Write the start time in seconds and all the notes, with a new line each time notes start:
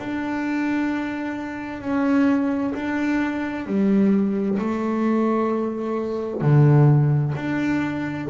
0.00 D4
1.81 C#4
2.75 D4
3.67 G3
4.59 A3
6.42 D3
7.36 D4